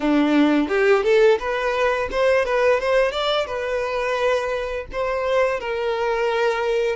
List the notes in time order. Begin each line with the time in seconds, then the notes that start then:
0.00 D4
0.68 G4
1.03 A4
1.39 B4
2.11 C5
2.45 B4
2.80 C5
3.11 D5
3.46 B4
4.92 C5
5.60 A#4